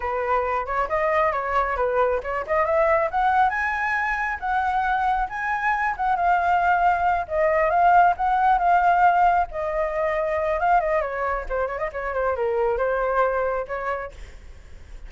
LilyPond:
\new Staff \with { instrumentName = "flute" } { \time 4/4 \tempo 4 = 136 b'4. cis''8 dis''4 cis''4 | b'4 cis''8 dis''8 e''4 fis''4 | gis''2 fis''2 | gis''4. fis''8 f''2~ |
f''8 dis''4 f''4 fis''4 f''8~ | f''4. dis''2~ dis''8 | f''8 dis''8 cis''4 c''8 cis''16 dis''16 cis''8 c''8 | ais'4 c''2 cis''4 | }